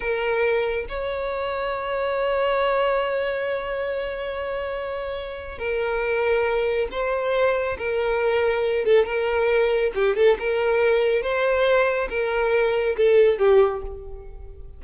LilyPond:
\new Staff \with { instrumentName = "violin" } { \time 4/4 \tempo 4 = 139 ais'2 cis''2~ | cis''1~ | cis''1~ | cis''4 ais'2. |
c''2 ais'2~ | ais'8 a'8 ais'2 g'8 a'8 | ais'2 c''2 | ais'2 a'4 g'4 | }